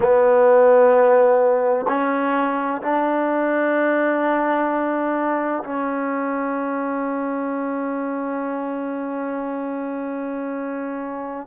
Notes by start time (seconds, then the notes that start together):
0.00 B3
1.87 C#4
2.81 D4
5.63 C#4